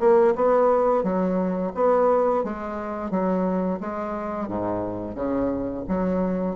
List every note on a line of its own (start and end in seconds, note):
0.00 0.34 A#3
0.35 1.03 B3
1.03 1.72 F#3
1.75 2.44 B3
2.44 3.11 G#3
3.11 3.80 F#3
3.81 4.48 G#3
4.48 5.15 G#2
5.15 5.84 C#3
5.88 6.56 F#3